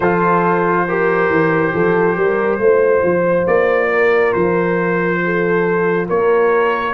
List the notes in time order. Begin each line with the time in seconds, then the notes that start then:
0.00 F3 F4 A4 C5
0.87 G4 A#4
1.29 E3
1.73 F3 A4
2.16 G3 A#4
2.58 A3 F4 C5
3.03 F3
3.47 A#3 D5
3.88 A#4
4.32 F3 C5
5.24 A4
6.07 A#3 A#4 C#5